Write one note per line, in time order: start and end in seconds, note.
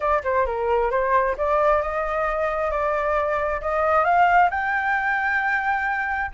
0.00 0.23 D5
0.23 0.46 C5
0.46 0.90 A#4
0.90 1.36 C5
1.37 1.82 D5
1.82 2.70 D#5
2.70 3.60 D5
3.61 4.04 D#5
4.04 4.49 F5
4.50 6.31 G5